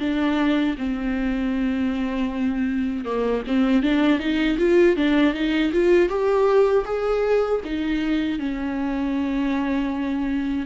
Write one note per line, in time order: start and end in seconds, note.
0.00 0.76 D4
0.78 3.06 C4
3.06 3.43 A#3
3.47 3.83 C4
3.83 4.20 D4
4.20 4.58 D#4
4.59 4.97 F4
4.97 5.34 D4
5.34 5.72 D#4
5.73 6.09 F4
6.09 6.85 G4
6.85 7.61 G#4
7.65 8.39 D#4
8.39 10.67 C#4